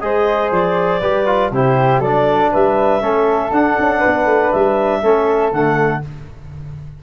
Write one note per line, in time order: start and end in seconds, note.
0.00 0.51 G#3
0.00 1.01 G#4
0.00 1.00 C5
0.00 0.50 D#5
0.51 1.01 F3
0.51 1.52 D5
1.00 1.51 G3
1.00 1.26 G4
1.00 1.50 B4
1.26 1.51 F4
1.51 1.99 C3
1.51 2.04 E4
1.51 2.00 G4
1.51 2.01 C5
1.99 2.49 F#3
1.99 3.01 D4
1.99 2.50 A4
1.99 2.51 D5
2.52 3.02 G3
2.52 3.02 B4
2.52 3.52 E5
3.01 3.51 A3
3.01 3.51 C#4
3.01 3.99 A4
3.51 3.76 D4
3.51 5.03 D4
3.51 4.51 F#5
3.79 4.04 C#4
3.99 4.99 B4
4.06 4.25 B3
4.25 4.50 A3
4.51 5.03 G3
4.51 5.51 E5
5.03 5.52 A3
5.03 5.52 C#4
5.03 6.03 A4
5.52 6.02 D3
5.52 6.02 A3
5.52 6.02 F#5